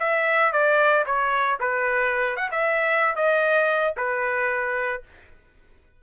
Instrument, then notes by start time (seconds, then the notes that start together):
trumpet
0.00 E5
0.53 D5
1.06 C#5
1.60 B4
2.37 F#5
2.52 E5
3.16 D#5
3.97 B4